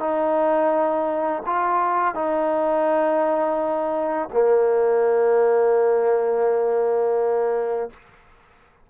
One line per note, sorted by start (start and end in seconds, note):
0.00 1.43 D#4
1.46 2.15 F4
2.15 4.29 D#4
4.33 7.90 A#3